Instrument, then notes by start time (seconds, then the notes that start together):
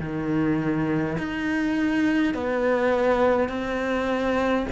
cello
0.00 D#3
1.19 D#4
2.35 B3
3.49 C4